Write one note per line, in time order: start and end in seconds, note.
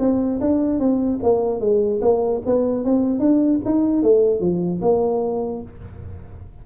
0.00 0.40 C4
0.41 0.80 D4
0.80 1.20 C4
1.24 1.61 A#3
1.61 2.01 G#3
2.02 2.42 A#3
2.46 2.85 B3
2.85 3.20 C4
3.20 3.60 D4
3.65 4.03 D#4
4.03 4.41 A3
4.41 4.81 F3
4.82 5.62 A#3